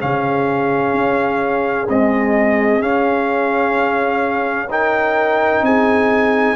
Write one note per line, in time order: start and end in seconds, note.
0.00 0.94 C#3
0.00 1.88 C#4
0.00 4.70 G#4
0.00 1.89 F5
0.94 1.88 C#4
1.89 2.81 G#3
1.89 2.83 C4
1.89 2.82 D#5
2.81 4.69 C#4
2.81 5.62 C#4
2.81 4.70 F5
4.70 6.56 D#4
4.70 5.64 A#4
4.70 5.65 G5
5.62 6.56 C4
5.62 6.56 G#4
5.62 6.56 G#5